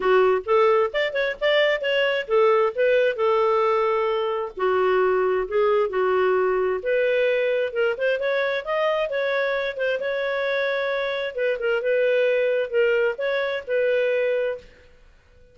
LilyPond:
\new Staff \with { instrumentName = "clarinet" } { \time 4/4 \tempo 4 = 132 fis'4 a'4 d''8 cis''8 d''4 | cis''4 a'4 b'4 a'4~ | a'2 fis'2 | gis'4 fis'2 b'4~ |
b'4 ais'8 c''8 cis''4 dis''4 | cis''4. c''8 cis''2~ | cis''4 b'8 ais'8 b'2 | ais'4 cis''4 b'2 | }